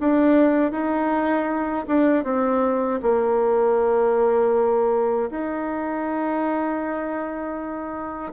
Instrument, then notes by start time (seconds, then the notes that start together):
bassoon
0.00 D4
0.72 D#4
1.87 D4
2.24 C4
3.02 A#3
5.31 D#4